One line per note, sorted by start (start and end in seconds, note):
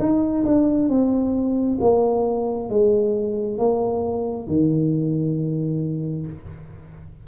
0.00 0.45 D#4
0.45 0.90 D4
0.90 1.79 C4
1.81 2.69 A#3
2.69 3.59 G#3
3.59 4.48 A#3
4.48 6.27 D#3